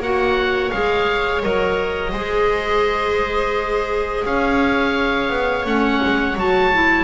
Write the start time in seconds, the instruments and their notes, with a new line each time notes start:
0.00 double bass A#3, clarinet F#4, viola C#5, oboe F#5
0.71 double bass G#3, clarinet G#4, oboe F5
1.42 double bass F#3, clarinet A#4, oboe D#5
2.12 double bass G#3, clarinet G#4, viola C5
4.25 double bass C#4, viola C#5, oboe F5
5.30 double bass B3
5.65 double bass A3, clarinet C#4, oboe F#5
6.04 double bass G#3
6.35 double bass F#3, clarinet F#4, oboe A5
6.73 clarinet E4